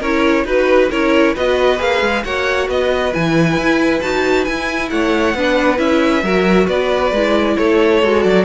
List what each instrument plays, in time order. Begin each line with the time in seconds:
0.00 cello C#4, viola E4, violin A#4 C#5
0.45 cello D#4, viola F#4, violin B4
0.90 cello C#4, viola E4, violin A#4 C#5
1.34 cello B3, viola F#4, violin B4 D#5
1.77 cello A#3, viola G#4, violin F5
2.02 cello G#3
2.24 cello A#3, viola F#4, violin C#5 F#5
2.68 cello B3, violin B4 D#5
3.13 cello E3, viola E4, violin G#5
3.57 cello E4
4.02 cello D#4, viola F#4, violin A5
4.45 viola E4, cello E4, violin G#5
4.90 cello A3, violin C#5 F#5
5.34 cello B3, viola D4, violin B4
5.77 cello C#4, viola E4, violin E5
6.23 cello F#3, viola F#4, violin A#4
6.66 cello B3, violin B4 D5
7.12 cello G#3, viola E4
7.57 cello A3, violin A4 C#5
8.03 cello G#3, viola F#4
8.23 cello F#3, violin D5